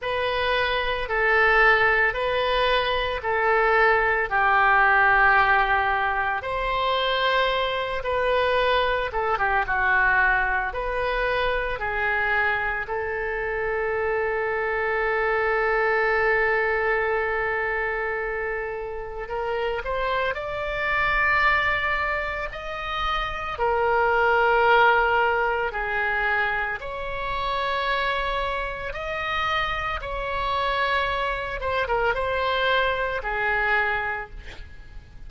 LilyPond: \new Staff \with { instrumentName = "oboe" } { \time 4/4 \tempo 4 = 56 b'4 a'4 b'4 a'4 | g'2 c''4. b'8~ | b'8 a'16 g'16 fis'4 b'4 gis'4 | a'1~ |
a'2 ais'8 c''8 d''4~ | d''4 dis''4 ais'2 | gis'4 cis''2 dis''4 | cis''4. c''16 ais'16 c''4 gis'4 | }